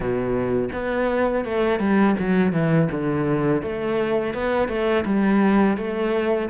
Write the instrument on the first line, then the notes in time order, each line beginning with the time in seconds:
cello
0.00 B2
0.73 B3
1.44 A3
1.79 G3
2.19 F#3
2.52 E3
2.91 D3
3.62 A3
4.34 B3
4.68 A3
5.05 G3
5.77 A3